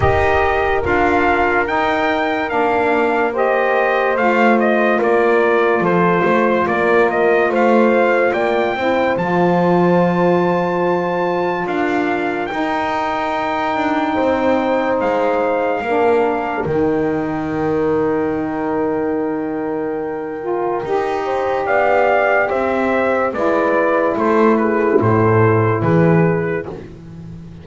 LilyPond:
<<
  \new Staff \with { instrumentName = "trumpet" } { \time 4/4 \tempo 4 = 72 dis''4 f''4 g''4 f''4 | dis''4 f''8 dis''8 d''4 c''4 | d''8 dis''8 f''4 g''4 a''4~ | a''2 f''4 g''4~ |
g''2 f''2 | g''1~ | g''2 f''4 e''4 | d''4 c''8 b'8 c''4 b'4 | }
  \new Staff \with { instrumentName = "horn" } { \time 4/4 ais'1 | c''2 ais'4 a'8 c''8 | ais'4 c''4 d''8 c''4.~ | c''2 ais'2~ |
ais'4 c''2 ais'4~ | ais'1~ | ais'4. c''8 d''4 c''4 | b'4 a'8 gis'8 a'4 gis'4 | }
  \new Staff \with { instrumentName = "saxophone" } { \time 4/4 g'4 f'4 dis'4 d'4 | g'4 f'2.~ | f'2~ f'8 e'8 f'4~ | f'2. dis'4~ |
dis'2. d'4 | dis'1~ | dis'8 f'8 g'2. | e'1 | }
  \new Staff \with { instrumentName = "double bass" } { \time 4/4 dis'4 d'4 dis'4 ais4~ | ais4 a4 ais4 f8 a8 | ais4 a4 ais8 c'8 f4~ | f2 d'4 dis'4~ |
dis'8 d'8 c'4 gis4 ais4 | dis1~ | dis4 dis'4 b4 c'4 | gis4 a4 a,4 e4 | }
>>